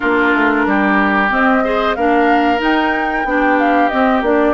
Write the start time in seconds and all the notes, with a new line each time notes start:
0.00 A#3 D4 F4 A#4
0.33 A3
0.66 G3 G4
1.29 C4 D#5
1.63 G#4 C5
1.95 A#3 D4 A#4 F5
2.58 D#4 G5
3.24 B3 D4 G4
3.59 F5
3.88 C4 D#5
4.21 A#3 D4 D5